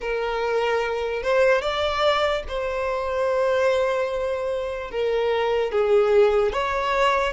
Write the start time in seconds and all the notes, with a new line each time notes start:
0.01 A#4
1.22 C5
1.61 D5
2.48 C5
4.90 A#4
5.71 G#4
6.52 C#5